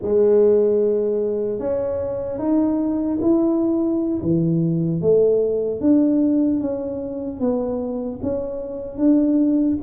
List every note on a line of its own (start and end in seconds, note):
0.01 1.59 G#3
1.59 2.38 C#4
2.38 3.18 D#4
3.21 4.21 E4
4.22 5.01 E3
5.01 5.80 A3
5.80 6.60 D4
6.60 7.40 C#4
7.40 8.20 B3
8.22 8.97 C#4
8.97 9.77 D4